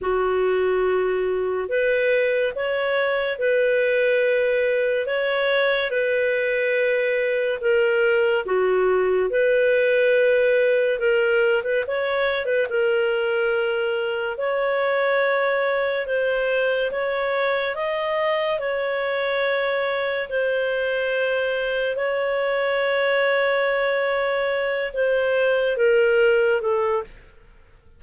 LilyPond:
\new Staff \with { instrumentName = "clarinet" } { \time 4/4 \tempo 4 = 71 fis'2 b'4 cis''4 | b'2 cis''4 b'4~ | b'4 ais'4 fis'4 b'4~ | b'4 ais'8. b'16 cis''8. b'16 ais'4~ |
ais'4 cis''2 c''4 | cis''4 dis''4 cis''2 | c''2 cis''2~ | cis''4. c''4 ais'4 a'8 | }